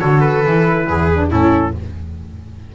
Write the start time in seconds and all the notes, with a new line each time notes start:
0.00 D3 F#4 A4 C#5
0.21 B4
0.45 E3 E4
0.88 E2 G#4
1.14 D4
1.30 A2 C#4 E4 A4